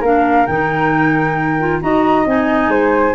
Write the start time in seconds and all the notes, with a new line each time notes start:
0.00 A#3 D4 A#4 F5
0.46 D#3 D#4 G5
1.59 F4
1.81 D#4 F#4 D#5 A#5
2.26 C4 D#4 G#5
2.68 G#3 C5